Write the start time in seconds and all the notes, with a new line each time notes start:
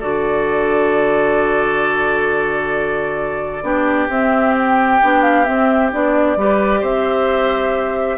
0.00 D3 F#4 A4 D5
3.63 B3 D4 G4
4.09 C4 E5
4.57 G5
5.03 B3 D4
5.22 F5
5.45 C4 E5
5.91 B3 D4 D5
6.36 G3 G4 B4
6.80 C4 C5 E5